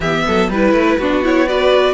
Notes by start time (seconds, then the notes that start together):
0.00 E3 B3 G4 E5
0.26 F#3 A4
0.49 G3 E4 B4
0.72 A3
0.98 B3 D4 F#4
1.22 E4 C#5
1.47 F#4 B4 D5